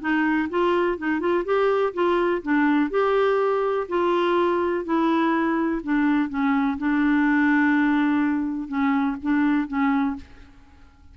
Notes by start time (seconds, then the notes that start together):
0.00 D#4
0.49 F4
0.98 D#4
1.19 F4
1.45 G4
1.93 F4
2.42 D4
2.90 G4
3.88 F4
4.84 E4
5.83 D4
6.29 C#4
6.77 D4
8.68 C#4
9.22 D4
9.67 C#4